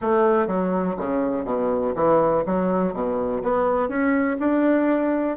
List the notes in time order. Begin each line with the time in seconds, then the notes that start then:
0.01 A3
0.47 F#3
0.97 C#3
1.45 B2
1.95 E3
2.45 F#3
2.93 B2
3.43 B3
3.88 C#4
4.39 D4